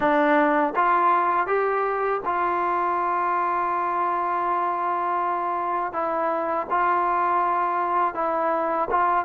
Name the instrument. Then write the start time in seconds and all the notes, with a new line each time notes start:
trombone
0.00 D4
0.75 F4
1.46 G4
2.25 F4
5.92 E4
6.69 F4
8.14 E4
8.90 F4